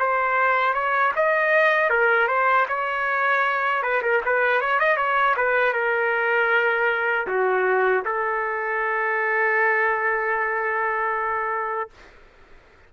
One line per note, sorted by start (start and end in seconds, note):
0.00 0.74 C5
0.74 1.13 C#5
1.16 1.90 D#5
1.90 2.28 A#4
2.28 2.66 C5
2.68 3.83 C#5
3.83 4.02 B4
4.03 4.22 A#4
4.26 4.61 B4
4.61 4.80 C#5
4.80 4.97 D#5
4.97 5.35 C#5
5.37 5.73 B4
5.73 7.27 A#4
7.27 8.04 F#4
8.06 11.90 A4